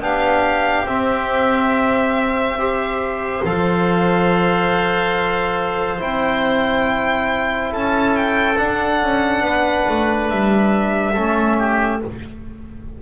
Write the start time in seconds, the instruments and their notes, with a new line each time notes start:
0.00 double bass B3, trombone D4, oboe G4, violin F5
0.84 double bass C4, trombone C4, violin E5
2.58 trombone G4, oboe C5
3.44 double bass F3, trombone A4, violin F5
5.98 double bass C4, trombone E4, violin G5
7.72 double bass C#4, oboe A4, violin A5
8.16 violin G5
8.57 trombone D4, double bass D4, violin F#5
9.02 double bass C#4
9.41 double bass B3, oboe B4
9.89 double bass A3
10.29 double bass G3, violin E5
11.13 double bass A3, trombone C#4, oboe A4
11.58 oboe G4